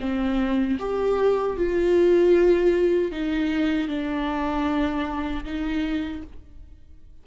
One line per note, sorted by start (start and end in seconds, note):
0.00 0.78 C4
0.79 1.57 G4
1.57 3.12 F4
3.12 3.89 D#4
3.89 5.44 D4
5.44 6.22 D#4